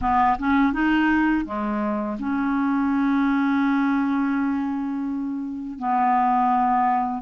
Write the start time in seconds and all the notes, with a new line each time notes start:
0.01 B3
0.38 C#4
0.72 D#4
1.45 G#3
2.19 C#4
5.78 B3